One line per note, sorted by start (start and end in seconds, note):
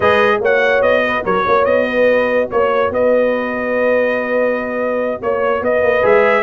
0.00 0.40 G#3
0.00 0.41 G#4
0.00 0.38 B4
0.00 0.41 D#5
0.40 0.81 A#3
0.40 6.02 F#4
0.40 1.04 C#5
0.40 0.81 F#5
0.81 1.23 B3
0.81 1.23 D#5
1.06 1.24 B4
1.24 1.46 F#3
1.24 1.45 A#4
1.24 1.64 C#5
1.46 1.65 A#3
1.46 1.86 C#5
1.64 2.49 B3
1.64 2.48 D#5
1.86 2.48 B4
2.50 2.90 A#3
2.50 2.92 C#5
2.90 5.19 B3
2.90 5.22 B4
2.90 5.21 D#5
5.21 5.61 A#3
5.21 5.63 C#5
5.21 5.62 C#5
5.61 5.82 B3
5.61 6.43 B4
5.61 6.05 D#5
5.82 6.02 A#3
6.02 6.43 G#3
6.02 6.43 G#4
6.02 6.43 E5